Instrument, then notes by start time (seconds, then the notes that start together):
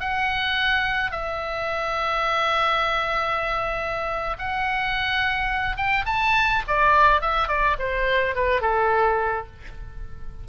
oboe
0.00 F#5
1.11 E5
4.38 F#5
5.77 G5
6.06 A5
6.68 D5
7.21 E5
7.48 D5
7.79 C5
8.35 B4
8.61 A4